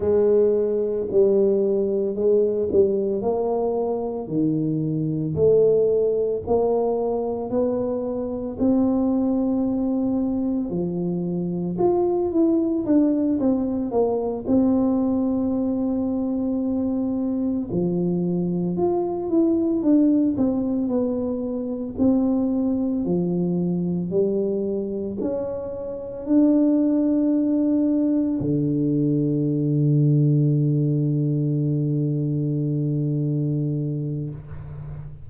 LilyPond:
\new Staff \with { instrumentName = "tuba" } { \time 4/4 \tempo 4 = 56 gis4 g4 gis8 g8 ais4 | dis4 a4 ais4 b4 | c'2 f4 f'8 e'8 | d'8 c'8 ais8 c'2~ c'8~ |
c'8 f4 f'8 e'8 d'8 c'8 b8~ | b8 c'4 f4 g4 cis'8~ | cis'8 d'2 d4.~ | d1 | }